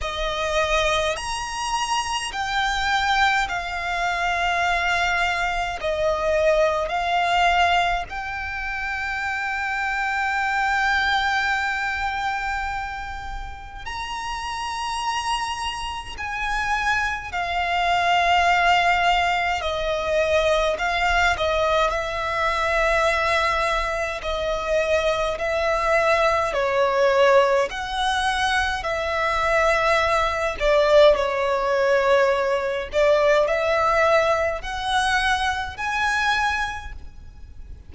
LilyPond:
\new Staff \with { instrumentName = "violin" } { \time 4/4 \tempo 4 = 52 dis''4 ais''4 g''4 f''4~ | f''4 dis''4 f''4 g''4~ | g''1 | ais''2 gis''4 f''4~ |
f''4 dis''4 f''8 dis''8 e''4~ | e''4 dis''4 e''4 cis''4 | fis''4 e''4. d''8 cis''4~ | cis''8 d''8 e''4 fis''4 gis''4 | }